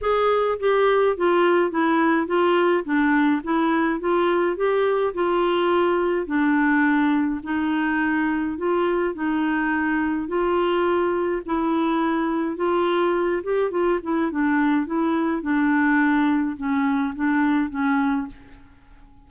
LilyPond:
\new Staff \with { instrumentName = "clarinet" } { \time 4/4 \tempo 4 = 105 gis'4 g'4 f'4 e'4 | f'4 d'4 e'4 f'4 | g'4 f'2 d'4~ | d'4 dis'2 f'4 |
dis'2 f'2 | e'2 f'4. g'8 | f'8 e'8 d'4 e'4 d'4~ | d'4 cis'4 d'4 cis'4 | }